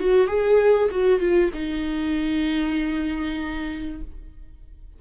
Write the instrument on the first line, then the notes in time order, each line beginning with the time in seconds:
viola
0.00 F#4
0.28 G#4
0.91 F#4
1.20 F4
1.54 D#4